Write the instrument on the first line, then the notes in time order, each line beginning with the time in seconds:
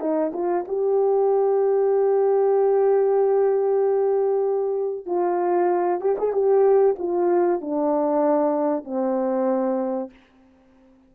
horn
0.00 D#4
0.33 F4
0.68 G4
5.06 F4
6.00 G4
6.18 G#4
6.32 G4
6.98 F4
7.61 D4
8.84 C4